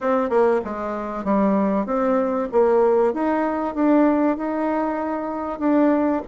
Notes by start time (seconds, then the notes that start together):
0.01 C4
0.29 A#3
0.64 G#3
1.24 G3
1.86 C4
2.52 A#3
3.13 D#4
3.74 D4
4.37 D#4
5.59 D4